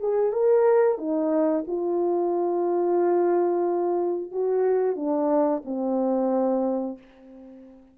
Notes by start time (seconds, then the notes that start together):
0.00 G#4
0.32 A#4
0.98 D#4
1.67 F4
4.31 F#4
4.96 D4
5.65 C4